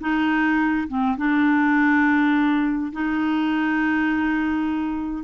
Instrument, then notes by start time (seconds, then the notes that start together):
clarinet
0.00 D#4
0.87 C4
1.17 D4
2.92 D#4